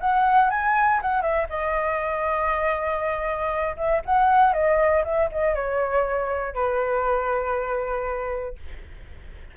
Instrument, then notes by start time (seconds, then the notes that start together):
flute
0.00 F#5
0.50 G#5
1.02 F#5
1.22 E5
1.49 D#5
3.77 E5
4.05 F#5
4.53 D#5
5.04 E5
5.31 D#5
5.55 C#5
6.54 B4